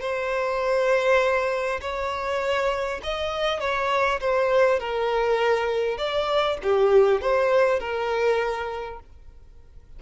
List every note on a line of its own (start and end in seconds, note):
0.00 1.80 C5
1.80 3.00 C#5
3.03 3.60 D#5
3.60 4.20 C#5
4.20 4.79 C5
4.79 5.97 A#4
5.97 6.57 D5
6.62 7.21 G4
7.21 7.79 C5
7.79 8.99 A#4